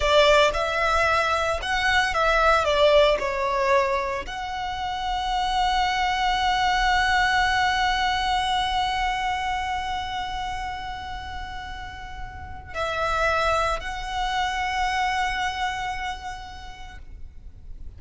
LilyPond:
\new Staff \with { instrumentName = "violin" } { \time 4/4 \tempo 4 = 113 d''4 e''2 fis''4 | e''4 d''4 cis''2 | fis''1~ | fis''1~ |
fis''1~ | fis''1 | e''2 fis''2~ | fis''1 | }